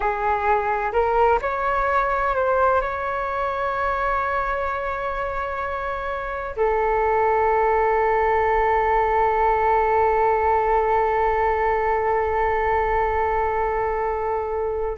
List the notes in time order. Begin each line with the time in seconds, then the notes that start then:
0.00 G#4
0.92 A#4
1.41 C#5
2.35 C5
2.81 C#5
6.56 A4